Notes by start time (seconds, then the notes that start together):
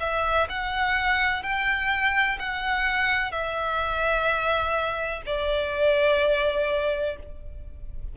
0.00 E5
0.49 F#5
1.43 G5
2.39 F#5
3.31 E5
5.26 D5